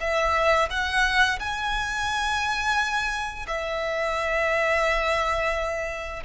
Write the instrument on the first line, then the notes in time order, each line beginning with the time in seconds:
violin
0.00 E5
0.70 F#5
1.39 G#5
3.47 E5